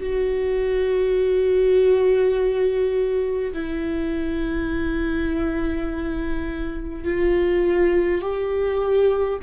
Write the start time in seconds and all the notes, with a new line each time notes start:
0.00 F#4
3.53 E4
7.05 F4
8.22 G4